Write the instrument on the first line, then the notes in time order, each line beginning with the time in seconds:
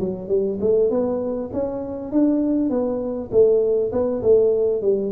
tuba
0.00 F#3
0.29 G3
0.61 A3
0.91 B3
1.53 C#4
2.12 D4
2.70 B3
3.32 A3
3.92 B3
4.23 A3
4.82 G3